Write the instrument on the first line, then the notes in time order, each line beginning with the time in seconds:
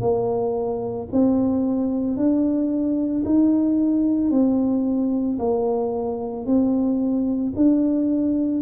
tuba
0.00 A#3
1.12 C4
2.16 D4
3.25 D#4
4.31 C4
5.39 A#3
6.46 C4
7.56 D4